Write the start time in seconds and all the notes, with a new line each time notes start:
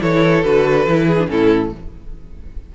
0.00 E3 E4 A4 C#5
0.43 D3 F#4 B4
0.86 E3 E4
1.06 G#4
1.19 D4
1.26 A2 C#4 E4 A4